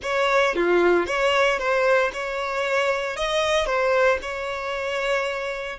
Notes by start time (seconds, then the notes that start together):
0.02 C#5
0.55 F4
1.06 C#5
1.58 C5
2.13 C#5
3.16 D#5
3.66 C5
4.22 C#5